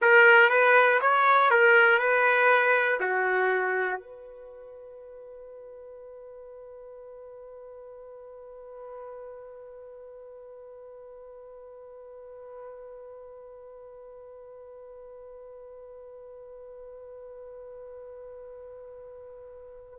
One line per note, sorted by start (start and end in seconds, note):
0.01 0.49 A#4
0.49 0.99 B4
1.00 1.50 C#5
1.50 1.98 A#4
1.98 2.98 B4
3.00 3.99 F#4
3.99 19.98 B4